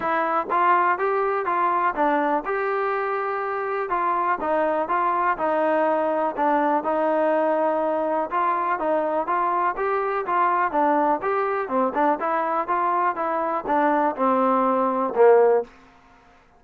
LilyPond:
\new Staff \with { instrumentName = "trombone" } { \time 4/4 \tempo 4 = 123 e'4 f'4 g'4 f'4 | d'4 g'2. | f'4 dis'4 f'4 dis'4~ | dis'4 d'4 dis'2~ |
dis'4 f'4 dis'4 f'4 | g'4 f'4 d'4 g'4 | c'8 d'8 e'4 f'4 e'4 | d'4 c'2 ais4 | }